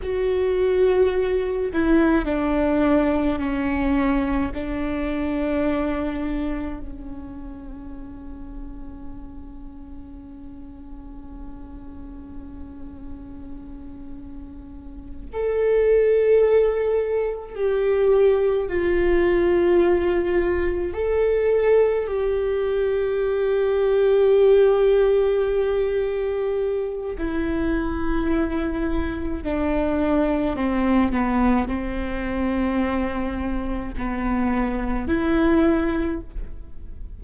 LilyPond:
\new Staff \with { instrumentName = "viola" } { \time 4/4 \tempo 4 = 53 fis'4. e'8 d'4 cis'4 | d'2 cis'2~ | cis'1~ | cis'4. a'2 g'8~ |
g'8 f'2 a'4 g'8~ | g'1 | e'2 d'4 c'8 b8 | c'2 b4 e'4 | }